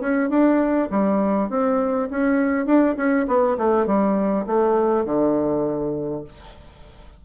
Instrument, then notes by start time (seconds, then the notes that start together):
bassoon
0.00 C#4
0.29 D4
0.90 G3
1.50 C4
2.10 C#4
2.66 D4
2.96 C#4
3.27 B3
3.58 A3
3.86 G3
4.46 A3
5.05 D3